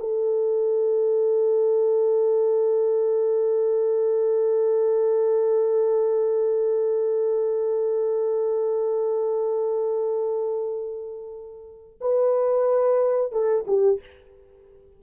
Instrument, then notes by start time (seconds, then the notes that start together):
horn
0.00 A4
12.01 B4
13.32 A4
13.68 G4